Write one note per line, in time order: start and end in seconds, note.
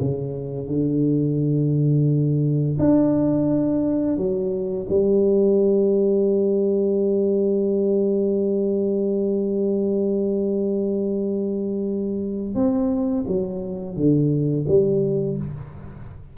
0.00 0.68 C#3
0.68 2.77 D3
2.79 4.17 D4
4.17 4.87 F#3
4.89 12.55 G3
12.55 13.25 C4
13.27 13.96 F#3
13.96 14.66 D3
14.68 15.37 G3